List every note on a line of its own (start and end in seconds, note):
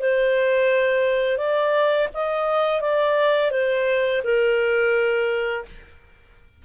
0.00 1.38 C5
1.38 2.08 D5
2.14 2.81 D#5
2.81 3.52 D5
3.52 4.22 C5
4.24 5.66 A#4